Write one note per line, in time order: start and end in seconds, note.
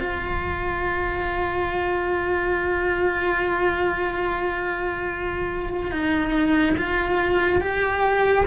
0.00 5.92 F4
5.92 6.76 D#4
6.77 7.61 F4
7.61 8.46 G4